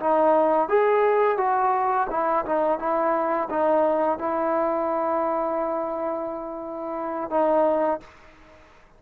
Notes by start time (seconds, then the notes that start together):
0.00 D#4
0.69 G#4
1.38 F#4
2.11 E4
2.46 D#4
2.79 E4
3.50 D#4
4.19 E4
7.31 D#4